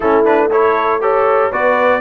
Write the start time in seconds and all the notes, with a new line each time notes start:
0.00 A3 C#4 E4 A4
0.24 D4 B4
0.50 E4 A4 C#5
1.00 G4 A4 C#5
1.51 B3 F#4 B4 D5